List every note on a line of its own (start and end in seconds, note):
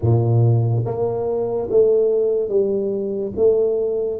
0.01 0.84 A#2
0.85 1.69 A#3
1.70 2.48 A3
2.48 3.31 G3
3.36 4.19 A3